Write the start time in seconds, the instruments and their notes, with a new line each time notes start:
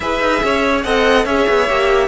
0.00 cello E4, viola G#4, violin B4 E5
0.20 cello D#4
0.43 cello C#4, violin C#5
0.83 cello C4, viola A4, violin D#5 F#5
1.24 cello C#4, viola G#4, violin C#5 E5
1.48 cello B3
1.68 cello A#3, viola G4